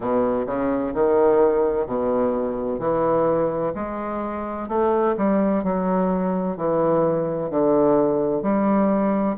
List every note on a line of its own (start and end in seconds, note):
0.00 0.46 B2
0.46 0.93 C#3
0.94 1.86 D#3
1.86 2.79 B2
2.79 3.72 E3
3.74 4.68 G#3
4.68 5.15 A3
5.16 5.63 G3
5.63 6.56 F#3
6.56 7.50 E3
7.50 8.42 D3
8.42 9.36 G3